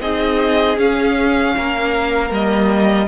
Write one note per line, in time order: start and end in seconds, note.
0.00 0.77 C4
0.00 0.77 D#4
0.00 1.55 G#4
0.00 0.78 D#5
0.77 1.54 C#4
0.77 2.30 C#4
0.77 2.33 F5
1.56 2.30 A#3
1.56 3.08 A#4
2.30 3.07 G3
2.30 3.07 A#3
2.30 3.08 D#5